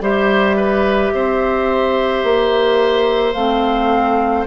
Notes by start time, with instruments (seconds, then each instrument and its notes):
0.00 bassoon G3, clarinet G4, oboe C5, flute E5
0.56 oboe B4
1.13 bassoon C4, oboe C5
2.23 bassoon A#3
3.33 bassoon A3, clarinet C4, flute F5